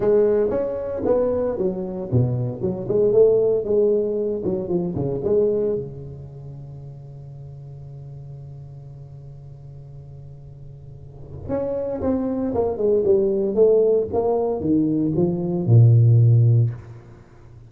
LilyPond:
\new Staff \with { instrumentName = "tuba" } { \time 4/4 \tempo 4 = 115 gis4 cis'4 b4 fis4 | b,4 fis8 gis8 a4 gis4~ | gis8 fis8 f8 cis8 gis4 cis4~ | cis1~ |
cis1~ | cis2 cis'4 c'4 | ais8 gis8 g4 a4 ais4 | dis4 f4 ais,2 | }